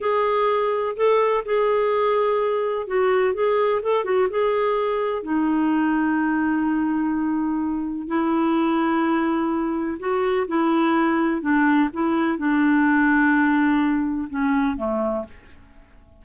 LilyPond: \new Staff \with { instrumentName = "clarinet" } { \time 4/4 \tempo 4 = 126 gis'2 a'4 gis'4~ | gis'2 fis'4 gis'4 | a'8 fis'8 gis'2 dis'4~ | dis'1~ |
dis'4 e'2.~ | e'4 fis'4 e'2 | d'4 e'4 d'2~ | d'2 cis'4 a4 | }